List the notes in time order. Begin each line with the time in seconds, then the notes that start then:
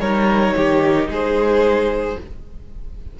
0.00 G3 D#4 A#4 C#5
0.57 D#3 G4
1.09 G#3 G#4 C5